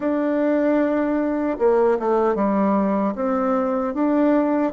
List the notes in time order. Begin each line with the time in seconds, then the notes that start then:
0.00 D4
1.58 A#3
1.99 A3
2.35 G3
3.15 C4
3.94 D4